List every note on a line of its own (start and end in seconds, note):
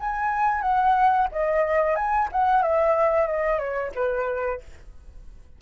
0.00 0.62 G#5
0.62 1.28 F#5
1.32 1.95 D#5
1.95 2.28 G#5
2.32 2.62 F#5
2.62 3.27 E5
3.27 3.59 D#5
3.59 3.92 C#5
3.95 4.61 B4